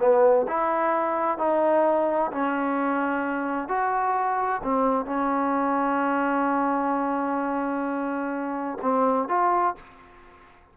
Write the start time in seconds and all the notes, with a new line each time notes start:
0.00 B3
0.48 E4
1.38 D#4
2.32 C#4
3.69 F#4
4.63 C4
5.06 C#4
8.82 C4
9.29 F4